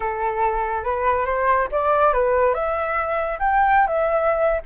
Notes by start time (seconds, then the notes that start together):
0.00 A4
0.83 B4
1.25 C5
1.71 D5
2.13 B4
2.54 E5
3.39 G5
3.87 E5